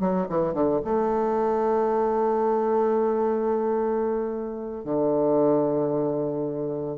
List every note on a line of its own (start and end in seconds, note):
0.00 0.27 F#3
0.29 0.54 E3
0.54 0.81 D3
0.84 4.85 A3
4.85 6.98 D3